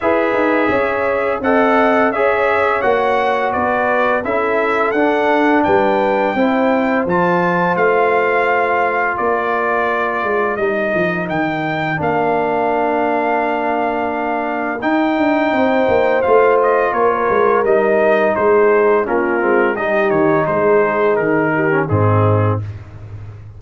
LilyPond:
<<
  \new Staff \with { instrumentName = "trumpet" } { \time 4/4 \tempo 4 = 85 e''2 fis''4 e''4 | fis''4 d''4 e''4 fis''4 | g''2 a''4 f''4~ | f''4 d''2 dis''4 |
g''4 f''2.~ | f''4 g''2 f''8 dis''8 | cis''4 dis''4 c''4 ais'4 | dis''8 cis''8 c''4 ais'4 gis'4 | }
  \new Staff \with { instrumentName = "horn" } { \time 4/4 b'4 cis''4 dis''4 cis''4~ | cis''4 b'4 a'2 | b'4 c''2.~ | c''4 ais'2.~ |
ais'1~ | ais'2 c''2 | ais'2 gis'4 f'4 | g'4 gis'4. g'8 dis'4 | }
  \new Staff \with { instrumentName = "trombone" } { \time 4/4 gis'2 a'4 gis'4 | fis'2 e'4 d'4~ | d'4 e'4 f'2~ | f'2. dis'4~ |
dis'4 d'2.~ | d'4 dis'2 f'4~ | f'4 dis'2 cis'8 c'8 | dis'2~ dis'8. cis'16 c'4 | }
  \new Staff \with { instrumentName = "tuba" } { \time 4/4 e'8 dis'8 cis'4 c'4 cis'4 | ais4 b4 cis'4 d'4 | g4 c'4 f4 a4~ | a4 ais4. gis8 g8 f8 |
dis4 ais2.~ | ais4 dis'8 d'8 c'8 ais8 a4 | ais8 gis8 g4 gis4 ais8 gis8 | g8 dis8 gis4 dis4 gis,4 | }
>>